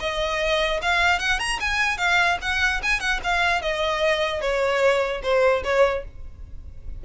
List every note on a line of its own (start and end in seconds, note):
0.00 0.81 D#5
0.82 1.20 F5
1.20 1.39 F#5
1.39 1.59 A#5
1.60 1.98 G#5
1.98 2.38 F5
2.42 2.82 F#5
2.83 3.00 G#5
3.00 3.20 F#5
3.24 3.62 F5
3.62 4.41 D#5
4.41 5.22 C#5
5.23 5.63 C5
5.64 6.04 C#5